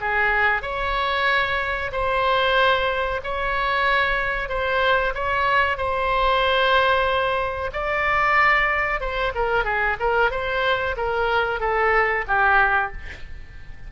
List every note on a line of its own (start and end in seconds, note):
0.00 0.62 G#4
0.62 1.91 C#5
1.91 3.21 C5
3.23 4.49 C#5
4.49 5.13 C5
5.14 5.77 C#5
5.77 7.70 C5
7.72 9.00 D5
9.00 9.32 C5
9.35 9.64 A#4
9.64 9.96 G#4
9.99 10.30 A#4
10.30 10.95 C5
10.97 11.60 A#4
11.60 12.24 A4
12.27 12.92 G4